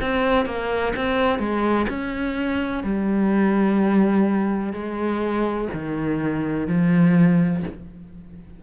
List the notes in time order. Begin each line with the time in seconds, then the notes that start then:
0.00 C4
0.45 A#3
0.96 C4
1.39 G#3
1.89 C#4
2.83 G3
4.72 G#3
5.73 D#3
6.67 F3